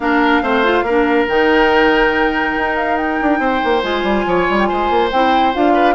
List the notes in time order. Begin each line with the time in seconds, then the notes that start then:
0.00 A#3 D4 A#4 F5
0.41 A3 C4 C5
0.64 F4
0.82 A#3 A#4
0.89 D4
1.28 D#3 D#4 G5
2.56 D#4
2.76 F5
2.97 G5
3.21 D4
3.39 C4 C5
3.64 A#3
3.83 G#3 F4 G#5
4.03 G3
4.25 F3 C#5
4.49 G3
4.58 G5
4.65 G#3 C5 G#5
4.89 A#3
5.11 C4 E4 G5
5.54 D4 F4 F5
5.73 B4